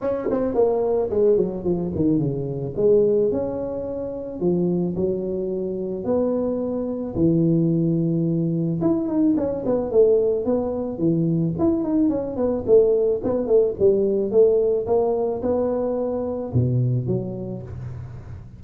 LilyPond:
\new Staff \with { instrumentName = "tuba" } { \time 4/4 \tempo 4 = 109 cis'8 c'8 ais4 gis8 fis8 f8 dis8 | cis4 gis4 cis'2 | f4 fis2 b4~ | b4 e2. |
e'8 dis'8 cis'8 b8 a4 b4 | e4 e'8 dis'8 cis'8 b8 a4 | b8 a8 g4 a4 ais4 | b2 b,4 fis4 | }